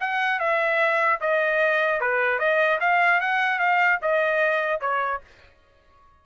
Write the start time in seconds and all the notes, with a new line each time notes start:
0.00 F#5
0.39 E5
1.20 D#5
2.00 B4
2.39 D#5
2.80 F5
3.20 F#5
3.59 F5
4.02 D#5
4.81 C#5